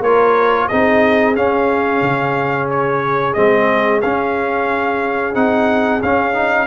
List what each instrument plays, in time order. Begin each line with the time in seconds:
0.00 tuba A#3, trombone F4, horn A#4, trumpet C#5
0.68 tuba C4, trombone D#4, horn G#4, trumpet D#5
1.35 trombone C#4, tuba C#4, trumpet F5
2.02 tuba C#3
2.70 trumpet C#5
3.34 tuba G#3, trombone C4, trumpet D#5
4.02 tuba C#4, trombone C#4, trumpet F5
5.34 tuba C4, trombone D#4, trumpet F#5
6.02 tuba C#4, trombone C#4, trumpet F5
6.33 trombone D#4